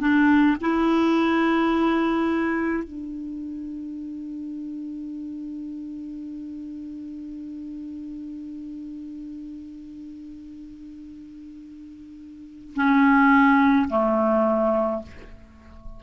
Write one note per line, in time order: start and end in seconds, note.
0.00 0.57 D4
0.61 2.84 E4
2.84 12.74 D4
12.75 13.88 C#4
13.89 15.03 A3